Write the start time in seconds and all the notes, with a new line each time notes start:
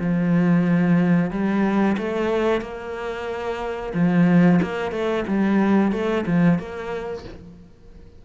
0.00 F3
1.31 G3
1.98 A3
2.61 A#3
3.94 F3
4.62 A#3
4.92 A3
5.28 G3
5.92 A3
6.27 F3
6.59 A#3